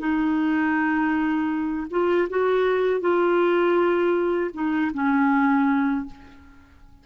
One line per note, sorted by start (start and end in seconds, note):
0.00 1.88 D#4
1.91 2.29 F4
2.30 3.01 F#4
3.01 4.51 F4
4.54 4.92 D#4
4.94 6.06 C#4